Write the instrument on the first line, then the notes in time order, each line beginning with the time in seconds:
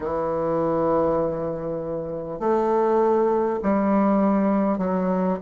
bassoon
0.00 E3
2.39 A3
3.62 G3
4.78 F#3